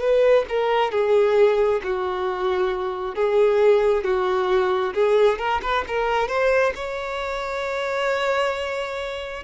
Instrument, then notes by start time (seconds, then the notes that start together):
violin
0.00 B4
0.48 A#4
0.91 G#4
1.83 F#4
3.15 G#4
4.03 F#4
4.93 G#4
5.38 A#4
5.62 B4
5.87 A#4
6.28 C5
6.74 C#5